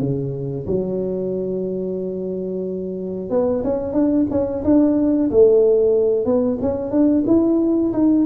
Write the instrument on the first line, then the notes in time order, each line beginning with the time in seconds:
tuba
0.00 C#3
0.67 F#3
3.30 B3
3.64 C#4
3.94 D4
4.31 C#4
4.65 D4
5.31 A3
6.26 B3
6.62 C#4
6.91 D4
7.27 E4
7.93 D#4